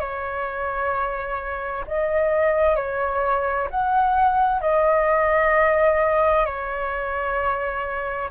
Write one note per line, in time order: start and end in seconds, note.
0.00 1.85 C#5
1.87 2.76 D#5
2.76 3.68 C#5
3.70 4.61 F#5
4.61 6.45 D#5
6.45 8.30 C#5